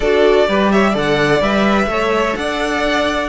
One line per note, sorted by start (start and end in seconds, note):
0.00 0.45 D4
0.00 0.47 F#4
0.00 0.47 A4
0.00 0.71 D5
0.47 0.95 G3
0.47 0.93 G4
0.47 0.72 B4
0.71 0.90 C#5
0.71 0.95 E5
0.90 1.41 D3
0.90 1.41 A4
0.90 1.84 D5
0.97 1.42 F#5
1.41 1.86 G3
1.41 1.88 B4
1.41 2.36 E5
1.86 2.34 A3
1.86 3.28 A4
1.86 2.37 C#5
2.36 3.28 D4
2.36 3.28 D5
2.36 3.28 F#5